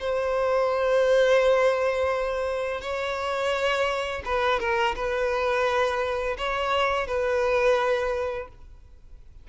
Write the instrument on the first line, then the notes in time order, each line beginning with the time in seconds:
violin
0.00 C5
2.81 C#5
4.25 B4
4.60 A#4
4.95 B4
6.38 C#5
7.07 B4